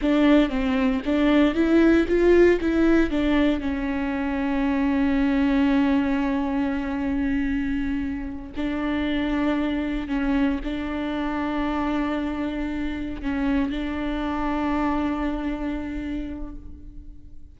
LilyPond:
\new Staff \with { instrumentName = "viola" } { \time 4/4 \tempo 4 = 116 d'4 c'4 d'4 e'4 | f'4 e'4 d'4 cis'4~ | cis'1~ | cis'1~ |
cis'8 d'2. cis'8~ | cis'8 d'2.~ d'8~ | d'4. cis'4 d'4.~ | d'1 | }